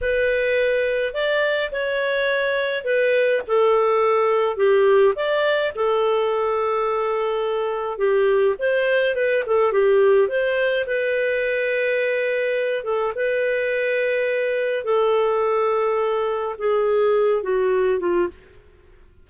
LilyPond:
\new Staff \with { instrumentName = "clarinet" } { \time 4/4 \tempo 4 = 105 b'2 d''4 cis''4~ | cis''4 b'4 a'2 | g'4 d''4 a'2~ | a'2 g'4 c''4 |
b'8 a'8 g'4 c''4 b'4~ | b'2~ b'8 a'8 b'4~ | b'2 a'2~ | a'4 gis'4. fis'4 f'8 | }